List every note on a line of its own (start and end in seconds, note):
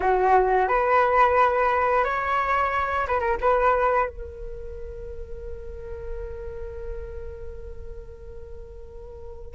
0.00 0.68 F#4
0.68 2.04 B4
2.04 3.06 C#5
3.07 3.20 B4
3.20 3.37 A#4
3.41 4.09 B4
4.09 9.54 A#4